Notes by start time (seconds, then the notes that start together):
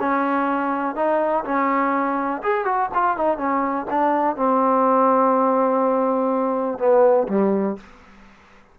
0.00 C#4
0.96 D#4
1.45 C#4
2.43 G#4
2.65 F#4
2.94 F4
3.17 D#4
3.38 C#4
3.90 D4
4.37 C4
6.79 B3
7.29 G3